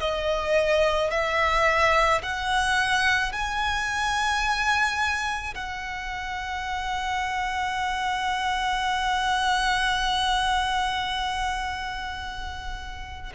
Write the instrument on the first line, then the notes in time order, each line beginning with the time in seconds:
violin
0.00 D#5
1.11 E5
2.23 F#5
3.32 G#5
5.55 F#5